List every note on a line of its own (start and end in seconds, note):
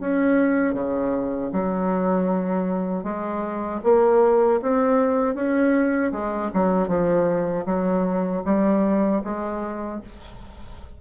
0.00 0.74 C#4
0.74 1.51 C#3
1.52 3.03 F#3
3.03 3.80 G#3
3.84 4.60 A#3
4.62 5.35 C4
5.35 6.12 C#4
6.12 6.50 G#3
6.53 6.88 F#3
6.88 7.65 F3
7.66 8.43 F#3
8.45 9.22 G3
9.24 10.01 G#3